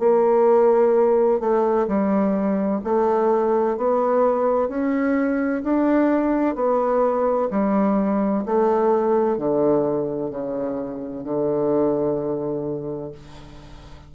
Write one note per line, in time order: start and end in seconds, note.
0.00 1.41 A#3
1.41 1.87 A3
1.88 2.82 G3
2.84 3.78 A3
3.78 4.69 B3
4.69 5.63 C#4
5.64 6.56 D4
6.56 7.50 B3
7.51 8.45 G3
8.46 9.38 A3
9.38 10.31 D3
10.31 11.25 C#3
11.25 13.12 D3